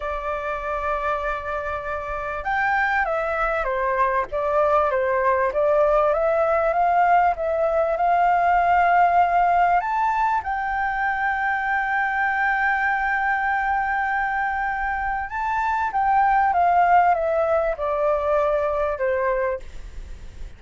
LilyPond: \new Staff \with { instrumentName = "flute" } { \time 4/4 \tempo 4 = 98 d''1 | g''4 e''4 c''4 d''4 | c''4 d''4 e''4 f''4 | e''4 f''2. |
a''4 g''2.~ | g''1~ | g''4 a''4 g''4 f''4 | e''4 d''2 c''4 | }